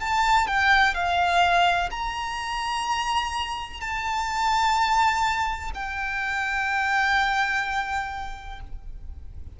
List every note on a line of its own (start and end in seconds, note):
0.00 0.47 A5
0.47 0.94 G5
0.94 1.90 F5
1.91 3.81 A#5
3.81 5.71 A5
5.74 8.60 G5